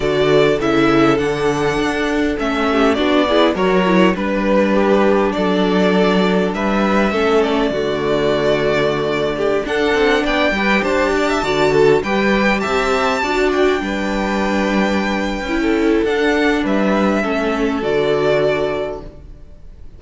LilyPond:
<<
  \new Staff \with { instrumentName = "violin" } { \time 4/4 \tempo 4 = 101 d''4 e''4 fis''2 | e''4 d''4 cis''4 b'4~ | b'4 d''2 e''4~ | e''8 d''2.~ d''8~ |
d''16 fis''4 g''4 a''4.~ a''16~ | a''16 g''4 a''4. g''4~ g''16~ | g''2. fis''4 | e''2 d''2 | }
  \new Staff \with { instrumentName = "violin" } { \time 4/4 a'1~ | a'8 g'8 fis'8 gis'8 ais'4 b'4 | g'4 a'2 b'4 | a'4 fis'2~ fis'8. g'16~ |
g'16 a'4 d''8 b'8 c''8 d''16 e''16 d''8 a'16~ | a'16 b'4 e''4 d''4 b'8.~ | b'2~ b'16 a'4.~ a'16 | b'4 a'2. | }
  \new Staff \with { instrumentName = "viola" } { \time 4/4 fis'4 e'4 d'2 | cis'4 d'8 e'8 fis'8 e'8 d'4~ | d'1 | cis'4 a2.~ |
a16 d'4. g'4. fis'8.~ | fis'16 g'2 fis'4 d'8.~ | d'2 e'4 d'4~ | d'4 cis'4 fis'2 | }
  \new Staff \with { instrumentName = "cello" } { \time 4/4 d4 cis4 d4 d'4 | a4 b4 fis4 g4~ | g4 fis2 g4 | a4 d2.~ |
d16 d'8 c'8 b8 g8 d'4 d8.~ | d16 g4 c'4 d'4 g8.~ | g2 cis'4 d'4 | g4 a4 d2 | }
>>